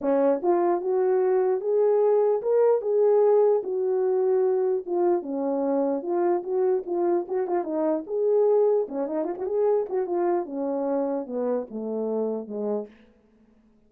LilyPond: \new Staff \with { instrumentName = "horn" } { \time 4/4 \tempo 4 = 149 cis'4 f'4 fis'2 | gis'2 ais'4 gis'4~ | gis'4 fis'2. | f'4 cis'2 f'4 |
fis'4 f'4 fis'8 f'8 dis'4 | gis'2 cis'8 dis'8 f'16 fis'16 gis'8~ | gis'8 fis'8 f'4 cis'2 | b4 a2 gis4 | }